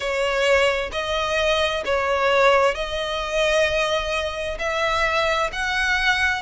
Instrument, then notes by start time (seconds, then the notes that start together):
violin
0.00 C#5
0.92 D#5
1.85 C#5
2.74 D#5
4.58 E5
5.52 F#5